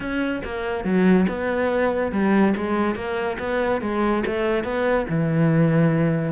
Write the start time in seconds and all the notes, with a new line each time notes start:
0.00 C#4
0.44 A#3
0.84 F#3
1.28 B3
2.11 G3
2.56 G#3
2.95 A#3
3.39 B3
3.81 G#3
4.26 A3
4.63 B3
5.09 E3